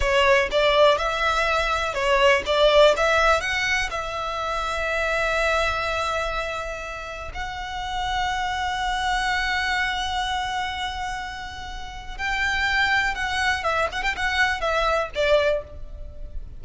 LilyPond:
\new Staff \with { instrumentName = "violin" } { \time 4/4 \tempo 4 = 123 cis''4 d''4 e''2 | cis''4 d''4 e''4 fis''4 | e''1~ | e''2. fis''4~ |
fis''1~ | fis''1~ | fis''4 g''2 fis''4 | e''8 fis''16 g''16 fis''4 e''4 d''4 | }